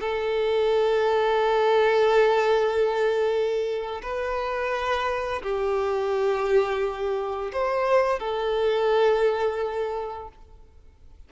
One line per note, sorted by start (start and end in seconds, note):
0.00 4.01 A4
4.02 5.42 B4
5.42 7.51 G4
7.52 8.19 C5
8.19 10.28 A4